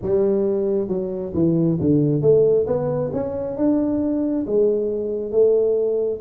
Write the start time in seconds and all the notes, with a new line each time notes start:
0.02 G3
0.88 F#3
1.34 E3
1.80 D3
2.21 A3
2.66 B3
3.13 C#4
3.57 D4
4.46 G#3
5.31 A3